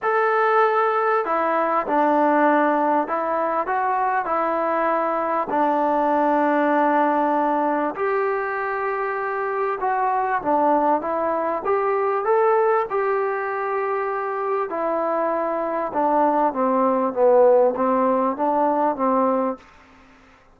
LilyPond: \new Staff \with { instrumentName = "trombone" } { \time 4/4 \tempo 4 = 98 a'2 e'4 d'4~ | d'4 e'4 fis'4 e'4~ | e'4 d'2.~ | d'4 g'2. |
fis'4 d'4 e'4 g'4 | a'4 g'2. | e'2 d'4 c'4 | b4 c'4 d'4 c'4 | }